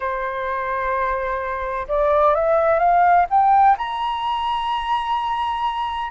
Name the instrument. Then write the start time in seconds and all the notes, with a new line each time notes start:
flute
0.00 C5
1.87 D5
2.34 E5
2.79 F5
3.29 G5
3.78 A#5